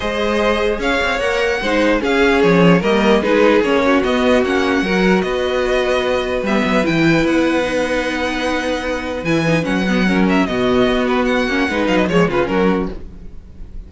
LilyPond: <<
  \new Staff \with { instrumentName = "violin" } { \time 4/4 \tempo 4 = 149 dis''2 f''4 fis''4~ | fis''4 f''4 cis''4 dis''4 | b'4 cis''4 dis''4 fis''4~ | fis''4 dis''2. |
e''4 g''4 fis''2~ | fis''2. gis''4 | fis''4. e''8 dis''4. b'8 | fis''4. f''16 dis''16 cis''8 b'8 ais'4 | }
  \new Staff \with { instrumentName = "violin" } { \time 4/4 c''2 cis''2 | c''4 gis'2 ais'4 | gis'4. fis'2~ fis'8 | ais'4 b'2.~ |
b'1~ | b'1~ | b'4 ais'4 fis'2~ | fis'4 b'4 cis''8 f'8 fis'4 | }
  \new Staff \with { instrumentName = "viola" } { \time 4/4 gis'2. ais'4 | dis'4 cis'2 ais4 | dis'4 cis'4 b4 cis'4 | fis'1 |
b4 e'2 dis'4~ | dis'2. e'8 dis'8 | cis'8 b8 cis'4 b2~ | b8 cis'8 dis'4 gis8 cis'4. | }
  \new Staff \with { instrumentName = "cello" } { \time 4/4 gis2 cis'8 c'8 ais4 | gis4 cis'4 f4 g4 | gis4 ais4 b4 ais4 | fis4 b2. |
g8 fis8 e4 b2~ | b2. e4 | fis2 b,4 b4~ | b8 ais8 gis8 fis8 f8 cis8 fis4 | }
>>